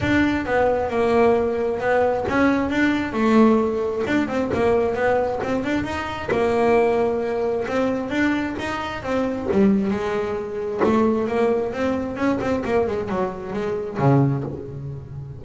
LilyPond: \new Staff \with { instrumentName = "double bass" } { \time 4/4 \tempo 4 = 133 d'4 b4 ais2 | b4 cis'4 d'4 a4~ | a4 d'8 c'8 ais4 b4 | c'8 d'8 dis'4 ais2~ |
ais4 c'4 d'4 dis'4 | c'4 g4 gis2 | a4 ais4 c'4 cis'8 c'8 | ais8 gis8 fis4 gis4 cis4 | }